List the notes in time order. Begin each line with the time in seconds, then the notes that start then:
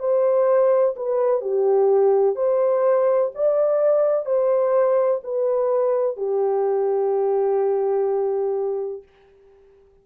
0.00 C5
0.96 B4
1.42 G4
2.36 C5
3.35 D5
4.26 C5
5.24 B4
6.17 G4